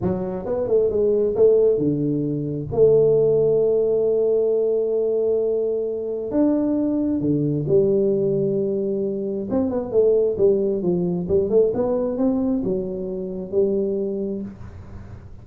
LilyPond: \new Staff \with { instrumentName = "tuba" } { \time 4/4 \tempo 4 = 133 fis4 b8 a8 gis4 a4 | d2 a2~ | a1~ | a2 d'2 |
d4 g2.~ | g4 c'8 b8 a4 g4 | f4 g8 a8 b4 c'4 | fis2 g2 | }